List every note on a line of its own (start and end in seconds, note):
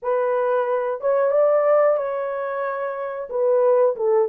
0.02 1.00 B4
1.00 1.31 C#5
1.31 1.97 D5
1.97 3.28 C#5
3.29 3.95 B4
3.96 4.28 A4